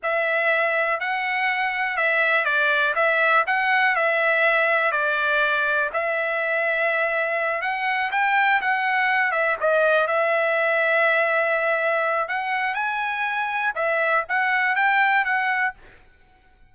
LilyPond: \new Staff \with { instrumentName = "trumpet" } { \time 4/4 \tempo 4 = 122 e''2 fis''2 | e''4 d''4 e''4 fis''4 | e''2 d''2 | e''2.~ e''8 fis''8~ |
fis''8 g''4 fis''4. e''8 dis''8~ | dis''8 e''2.~ e''8~ | e''4 fis''4 gis''2 | e''4 fis''4 g''4 fis''4 | }